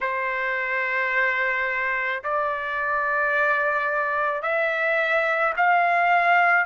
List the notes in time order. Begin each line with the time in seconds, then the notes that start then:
0.01 C5
2.23 D5
4.42 E5
5.56 F5